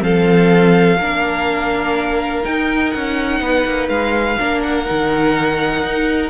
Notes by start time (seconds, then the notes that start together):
0.00 F3 C4 A4 F5
1.00 A#3 D4 A#4
2.43 D#4 G5
2.91 C#4 F#5
3.41 B3 B4
3.66 A#3
3.89 G#3 F5
4.40 A#3 D4 A#4
4.63 F#5
4.86 D#3 D#4
5.84 D#4